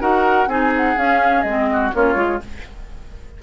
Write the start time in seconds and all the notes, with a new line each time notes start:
0.00 D#4 F#4 A#4 F#5
0.47 C4 D#4 G#4 G#5
0.77 F#5
0.97 C#4 F5
1.42 G#3 C4 D#5
1.73 F#4
1.93 A#3 C#4 F4 C#5
2.15 G#3 F4